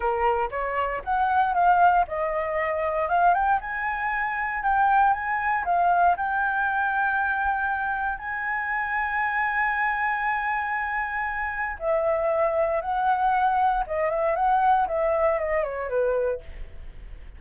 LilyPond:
\new Staff \with { instrumentName = "flute" } { \time 4/4 \tempo 4 = 117 ais'4 cis''4 fis''4 f''4 | dis''2 f''8 g''8 gis''4~ | gis''4 g''4 gis''4 f''4 | g''1 |
gis''1~ | gis''2. e''4~ | e''4 fis''2 dis''8 e''8 | fis''4 e''4 dis''8 cis''8 b'4 | }